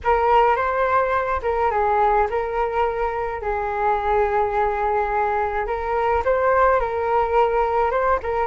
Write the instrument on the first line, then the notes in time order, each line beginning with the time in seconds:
flute
0.04 A#4
0.56 C5
1.42 A#4
1.70 G#4
2.30 A#4
3.41 G#4
5.66 A#4
6.24 C5
6.80 A#4
7.90 C5
8.22 A#4